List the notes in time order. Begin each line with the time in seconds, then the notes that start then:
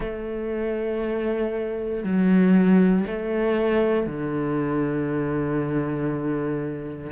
0.00 A3
2.03 F#3
3.06 A3
4.06 D3